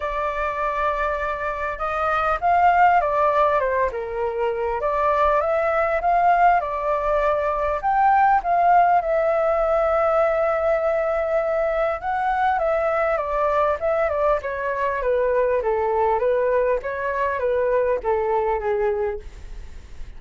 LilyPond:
\new Staff \with { instrumentName = "flute" } { \time 4/4 \tempo 4 = 100 d''2. dis''4 | f''4 d''4 c''8 ais'4. | d''4 e''4 f''4 d''4~ | d''4 g''4 f''4 e''4~ |
e''1 | fis''4 e''4 d''4 e''8 d''8 | cis''4 b'4 a'4 b'4 | cis''4 b'4 a'4 gis'4 | }